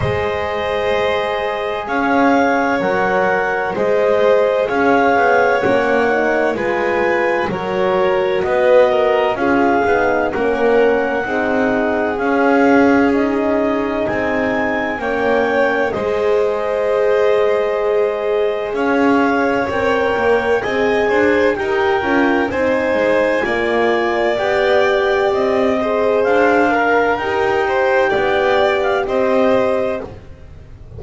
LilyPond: <<
  \new Staff \with { instrumentName = "clarinet" } { \time 4/4 \tempo 4 = 64 dis''2 f''4 fis''4 | dis''4 f''4 fis''4 gis''4 | cis''4 dis''4 f''4 fis''4~ | fis''4 f''4 dis''4 gis''4 |
g''4 dis''2. | f''4 g''4 gis''4 g''4 | gis''2 g''4 dis''4 | f''4 g''4.~ g''16 f''16 dis''4 | }
  \new Staff \with { instrumentName = "violin" } { \time 4/4 c''2 cis''2 | c''4 cis''2 b'4 | ais'4 b'8 ais'8 gis'4 ais'4 | gis'1 |
cis''4 c''2. | cis''2 dis''8 c''8 ais'4 | c''4 d''2~ d''8 c''8~ | c''8 ais'4 c''8 d''4 c''4 | }
  \new Staff \with { instrumentName = "horn" } { \time 4/4 gis'2. ais'4 | gis'2 cis'8 dis'8 f'4 | fis'2 f'8 dis'8 cis'4 | dis'4 cis'4 dis'2 |
cis'4 gis'2.~ | gis'4 ais'4 gis'4 g'8 f'8 | dis'4 f'4 g'4. gis'8~ | gis'8 ais'8 g'2. | }
  \new Staff \with { instrumentName = "double bass" } { \time 4/4 gis2 cis'4 fis4 | gis4 cis'8 b8 ais4 gis4 | fis4 b4 cis'8 b8 ais4 | c'4 cis'2 c'4 |
ais4 gis2. | cis'4 c'8 ais8 c'8 d'8 dis'8 cis'8 | c'8 gis8 ais4 b4 c'4 | d'4 dis'4 b4 c'4 | }
>>